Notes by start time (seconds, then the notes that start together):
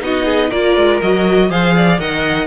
0.00 B3 D#4 F#4 D#5
0.24 G#4
0.49 A#3 F4 A#4 D5
0.76 G#3
1.01 F#3 F#4 D#5
1.49 F3 G#4 C5 F5
1.76 D5
1.99 D#3 A#4 D#5 F#5